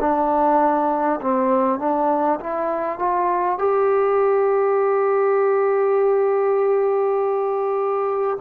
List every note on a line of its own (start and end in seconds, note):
0.00 1.20 D4
1.21 1.79 C4
1.79 2.39 D4
2.41 2.99 E4
2.99 3.58 F4
3.58 8.38 G4